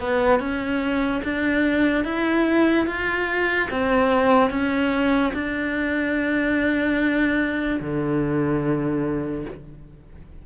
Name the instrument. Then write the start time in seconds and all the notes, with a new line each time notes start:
cello
0.00 B3
0.40 C#4
1.24 D4
2.04 E4
2.87 F4
3.70 C4
4.51 C#4
5.33 D4
7.80 D3